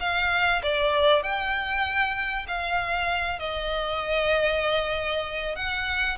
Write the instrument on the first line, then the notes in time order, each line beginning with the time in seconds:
violin
0.00 F5
0.63 D5
1.23 G5
2.47 F5
3.39 D#5
5.56 F#5